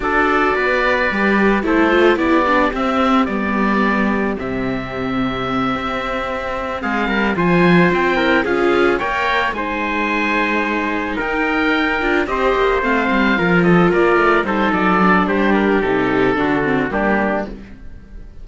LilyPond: <<
  \new Staff \with { instrumentName = "oboe" } { \time 4/4 \tempo 4 = 110 d''2. c''4 | d''4 e''4 d''2 | e''1~ | e''8 f''4 gis''4 g''4 f''8~ |
f''8 g''4 gis''2~ gis''8~ | gis''8 g''2 dis''4 f''8~ | f''4 dis''8 d''4 c''8 d''4 | c''8 ais'8 a'2 g'4 | }
  \new Staff \with { instrumentName = "trumpet" } { \time 4/4 a'4 b'2 a'4 | g'1~ | g'1~ | g'8 gis'8 ais'8 c''4. ais'8 gis'8~ |
gis'8 cis''4 c''2~ c''8~ | c''8 ais'2 c''4.~ | c''8 ais'8 a'8 ais'4 a'4. | g'2 fis'4 d'4 | }
  \new Staff \with { instrumentName = "viola" } { \time 4/4 fis'2 g'4 e'8 f'8 | e'8 d'8 c'4 b2 | c'1~ | c'4. f'4. e'8 f'8~ |
f'8 ais'4 dis'2~ dis'8~ | dis'2 f'8 g'4 c'8~ | c'8 f'2 dis'4 d'8~ | d'4 dis'4 d'8 c'8 ais4 | }
  \new Staff \with { instrumentName = "cello" } { \time 4/4 d'4 b4 g4 a4 | b4 c'4 g2 | c2~ c8 c'4.~ | c'8 gis8 g8 f4 c'4 cis'8~ |
cis'8 ais4 gis2~ gis8~ | gis8 dis'4. d'8 c'8 ais8 a8 | g8 f4 ais8 a8 g8 fis4 | g4 c4 d4 g4 | }
>>